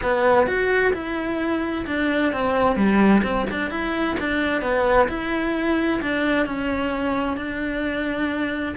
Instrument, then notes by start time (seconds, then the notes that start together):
cello
0.02 B3
0.46 F#4
0.93 E4
1.86 D4
2.32 C4
2.75 G3
3.23 C4
3.50 D4
3.70 E4
4.19 D4
4.61 B3
5.08 E4
6.01 D4
6.46 C#4
7.36 D4